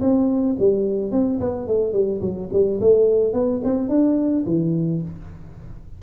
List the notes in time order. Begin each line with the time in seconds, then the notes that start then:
0.00 C4
0.58 G3
1.11 C4
1.39 B3
1.67 A3
1.92 G3
2.21 F#3
2.52 G3
2.80 A3
3.33 B3
3.63 C4
3.89 D4
4.45 E3